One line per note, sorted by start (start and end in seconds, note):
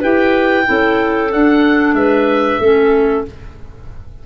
0.00 0.68 E4
0.00 0.64 G4
0.00 0.65 B4
0.00 1.32 G5
0.64 1.33 C#4
0.64 1.28 E4
0.64 1.97 A4
1.32 2.62 D4
1.32 1.93 D4
1.32 1.95 F#5
1.93 2.58 G#3
1.93 2.60 B4
1.93 3.24 E5
2.60 3.24 A3
2.60 3.26 C#4
2.60 3.25 A4